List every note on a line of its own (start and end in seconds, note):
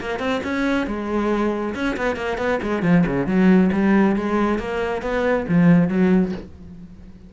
0.00 0.19 A#3
0.19 0.41 C4
0.43 0.86 C#4
0.86 1.74 G#3
1.74 1.96 C#4
1.96 2.15 B3
2.15 2.37 A#3
2.37 2.59 B3
2.62 2.82 G#3
2.82 3.04 F3
3.06 3.26 C#3
3.26 3.70 F#3
3.72 4.16 G3
4.16 4.58 G#3
4.58 5.02 A#3
5.02 5.45 B3
5.48 5.88 F3
5.88 6.32 F#3